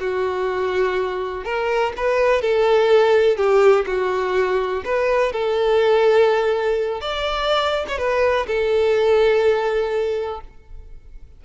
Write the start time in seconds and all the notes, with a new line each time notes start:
0.00 F#4
1.44 A#4
1.96 B4
2.41 A4
3.37 G4
3.86 F#4
4.85 B4
5.32 A4
7.01 D5
7.88 C#5
7.98 B4
8.47 A4